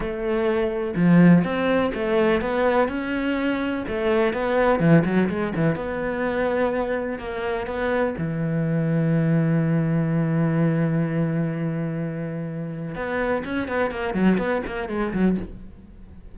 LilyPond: \new Staff \with { instrumentName = "cello" } { \time 4/4 \tempo 4 = 125 a2 f4 c'4 | a4 b4 cis'2 | a4 b4 e8 fis8 gis8 e8 | b2. ais4 |
b4 e2.~ | e1~ | e2. b4 | cis'8 b8 ais8 fis8 b8 ais8 gis8 fis8 | }